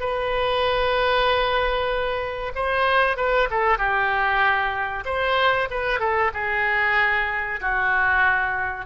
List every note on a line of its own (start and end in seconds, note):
0.00 2.53 B4
2.56 3.17 C5
3.17 3.49 B4
3.51 3.78 A4
3.78 5.04 G4
5.06 5.69 C5
5.71 6.00 B4
6.00 6.32 A4
6.34 7.60 G#4
7.61 8.86 F#4